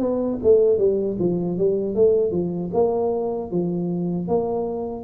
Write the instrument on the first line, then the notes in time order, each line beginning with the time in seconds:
tuba
0.00 B3
0.43 A3
0.78 G3
1.19 F3
1.58 G3
1.96 A3
2.32 F3
2.74 A#3
3.51 F3
4.28 A#3